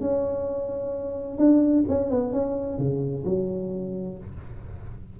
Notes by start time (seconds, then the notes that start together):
0.00 C#4
1.38 D4
1.88 C#4
2.10 B3
2.32 C#4
2.78 C#3
3.25 F#3